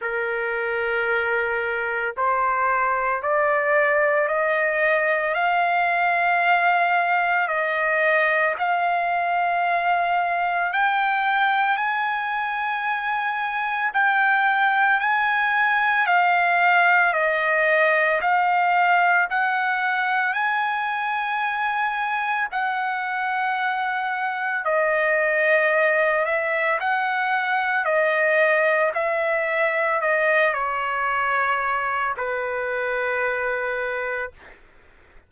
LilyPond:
\new Staff \with { instrumentName = "trumpet" } { \time 4/4 \tempo 4 = 56 ais'2 c''4 d''4 | dis''4 f''2 dis''4 | f''2 g''4 gis''4~ | gis''4 g''4 gis''4 f''4 |
dis''4 f''4 fis''4 gis''4~ | gis''4 fis''2 dis''4~ | dis''8 e''8 fis''4 dis''4 e''4 | dis''8 cis''4. b'2 | }